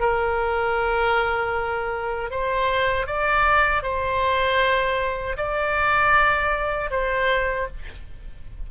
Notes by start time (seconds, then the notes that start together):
0.00 A#4
2.31 C5
3.07 D5
3.83 C5
5.37 D5
6.91 C5